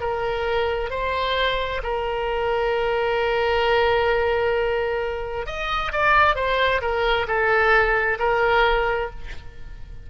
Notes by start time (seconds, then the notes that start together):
0.00 A#4
0.90 C5
1.83 A#4
5.46 D#5
5.92 D5
6.36 C5
6.81 A#4
7.27 A4
8.19 A#4